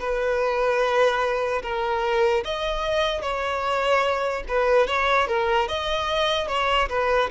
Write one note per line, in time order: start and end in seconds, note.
0.00 1.62 B4
1.63 2.44 A#4
2.45 3.22 D#5
3.22 4.43 C#5
4.49 4.87 B4
4.87 5.28 C#5
5.28 5.68 A#4
5.68 6.48 D#5
6.48 6.89 C#5
6.89 7.30 B4